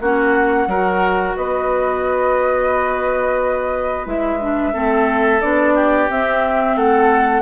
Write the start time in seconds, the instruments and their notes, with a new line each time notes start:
0.00 bassoon A#3, clarinet C#4, oboe F#4, flute F#5
0.67 bassoon F#3, clarinet F#4, oboe A#4
1.36 bassoon B3, oboe B4, flute D#5
4.05 bassoon G#3, clarinet E4, flute E5
4.40 clarinet D4
4.72 bassoon A3, clarinet C4, oboe A4
5.41 bassoon B3, clarinet D4, flute D5
5.74 oboe G4
6.09 clarinet C4, bassoon C4, flute E5
6.76 bassoon A3, oboe A4, flute F#5